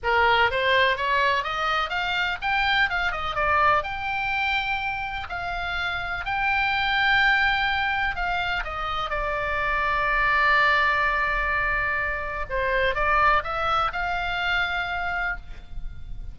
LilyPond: \new Staff \with { instrumentName = "oboe" } { \time 4/4 \tempo 4 = 125 ais'4 c''4 cis''4 dis''4 | f''4 g''4 f''8 dis''8 d''4 | g''2. f''4~ | f''4 g''2.~ |
g''4 f''4 dis''4 d''4~ | d''1~ | d''2 c''4 d''4 | e''4 f''2. | }